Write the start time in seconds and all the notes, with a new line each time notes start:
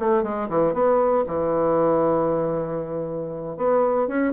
0.00 A3
0.23 G#3
0.49 E3
0.73 B3
1.27 E3
3.57 B3
4.08 C#4